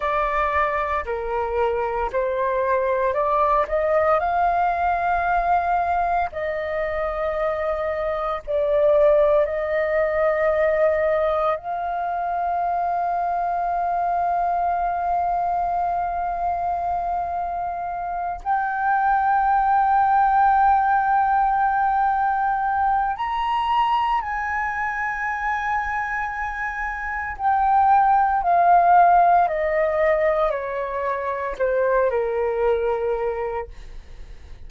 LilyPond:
\new Staff \with { instrumentName = "flute" } { \time 4/4 \tempo 4 = 57 d''4 ais'4 c''4 d''8 dis''8 | f''2 dis''2 | d''4 dis''2 f''4~ | f''1~ |
f''4. g''2~ g''8~ | g''2 ais''4 gis''4~ | gis''2 g''4 f''4 | dis''4 cis''4 c''8 ais'4. | }